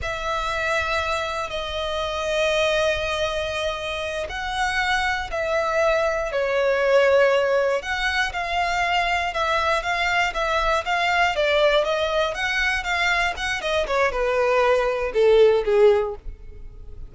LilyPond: \new Staff \with { instrumentName = "violin" } { \time 4/4 \tempo 4 = 119 e''2. dis''4~ | dis''1~ | dis''8 fis''2 e''4.~ | e''8 cis''2. fis''8~ |
fis''8 f''2 e''4 f''8~ | f''8 e''4 f''4 d''4 dis''8~ | dis''8 fis''4 f''4 fis''8 dis''8 cis''8 | b'2 a'4 gis'4 | }